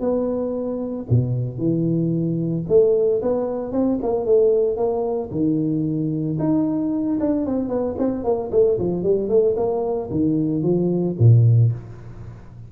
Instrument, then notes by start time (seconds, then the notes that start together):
tuba
0.00 B3
1.10 B2
1.58 E3
2.68 A3
3.22 B3
3.72 C4
4.02 A#3
4.26 A3
4.77 A#3
5.31 D#3
6.39 D#4
7.20 D4
7.46 C4
7.69 B3
7.99 C4
8.24 A#3
8.51 A3
8.79 F3
9.03 G3
9.29 A3
9.57 A#3
10.11 D#3
10.63 F3
11.19 A#2